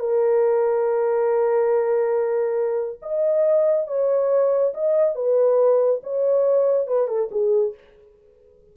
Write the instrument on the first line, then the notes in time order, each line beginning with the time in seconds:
horn
0.00 A#4
3.03 D#5
3.88 C#5
4.74 D#5
5.16 B4
6.04 C#5
6.88 B4
7.08 A4
7.31 G#4